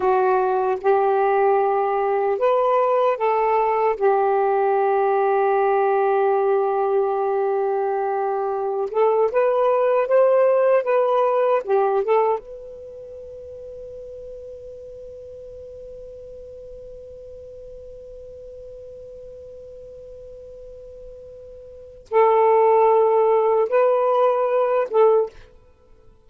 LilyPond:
\new Staff \with { instrumentName = "saxophone" } { \time 4/4 \tempo 4 = 76 fis'4 g'2 b'4 | a'4 g'2.~ | g'2.~ g'16 a'8 b'16~ | b'8. c''4 b'4 g'8 a'8 b'16~ |
b'1~ | b'1~ | b'1 | a'2 b'4. a'8 | }